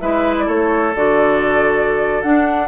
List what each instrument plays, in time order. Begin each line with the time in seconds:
0.00 bassoon G#3, clarinet E4, oboe B4, flute E5
0.38 flute D5
0.45 bassoon A3, oboe A4, flute C#5
0.95 bassoon D3, clarinet F#4, flute D5
2.22 clarinet D4, bassoon D4, flute F#5